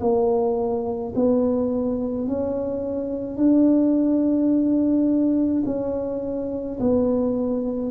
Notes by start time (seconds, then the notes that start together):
0.00 A#3
1.15 B3
2.27 C#4
3.37 D4
5.65 C#4
6.80 B3